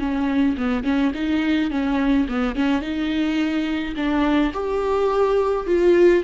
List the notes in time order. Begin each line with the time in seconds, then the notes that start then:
0.00 C#4
0.58 B3
0.84 C#4
1.15 D#4
1.71 C#4
2.29 B3
2.56 C#4
2.82 D#4
3.97 D4
4.54 G4
5.67 F4